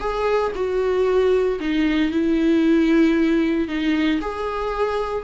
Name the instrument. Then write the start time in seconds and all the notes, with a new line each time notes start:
viola
0.00 G#4
0.55 F#4
1.60 D#4
2.11 E4
3.68 D#4
4.21 G#4